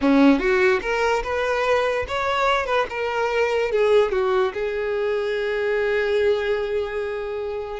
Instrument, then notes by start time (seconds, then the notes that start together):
violin
0.01 C#4
0.39 F#4
0.81 A#4
1.23 B4
2.08 C#5
2.65 B4
2.89 A#4
3.71 G#4
4.11 F#4
4.53 G#4